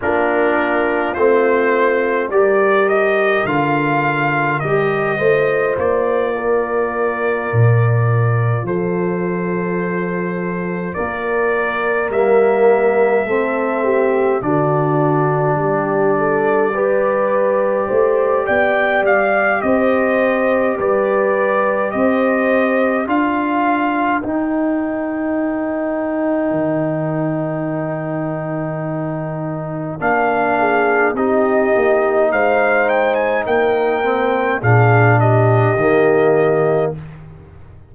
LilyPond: <<
  \new Staff \with { instrumentName = "trumpet" } { \time 4/4 \tempo 4 = 52 ais'4 c''4 d''8 dis''8 f''4 | dis''4 d''2~ d''8 c''8~ | c''4. d''4 e''4.~ | e''8 d''2.~ d''8 |
g''8 f''8 dis''4 d''4 dis''4 | f''4 g''2.~ | g''2 f''4 dis''4 | f''8 g''16 gis''16 g''4 f''8 dis''4. | }
  \new Staff \with { instrumentName = "horn" } { \time 4/4 f'2 ais'2~ | ais'8 c''4 ais'2 a'8~ | a'4. ais'2 a'8 | g'8 fis'4 g'8 a'8 b'4 c''8 |
d''4 c''4 b'4 c''4 | ais'1~ | ais'2~ ais'8 gis'8 g'4 | c''4 ais'4 gis'8 g'4. | }
  \new Staff \with { instrumentName = "trombone" } { \time 4/4 d'4 c'4 g'4 f'4 | g'8 f'2.~ f'8~ | f'2~ f'8 ais4 c'8~ | c'8 d'2 g'4.~ |
g'1 | f'4 dis'2.~ | dis'2 d'4 dis'4~ | dis'4. c'8 d'4 ais4 | }
  \new Staff \with { instrumentName = "tuba" } { \time 4/4 ais4 a4 g4 d4 | g8 a8 ais4. ais,4 f8~ | f4. ais4 g4 a8~ | a8 d4 g2 a8 |
b8 g8 c'4 g4 c'4 | d'4 dis'2 dis4~ | dis2 ais4 c'8 ais8 | gis4 ais4 ais,4 dis4 | }
>>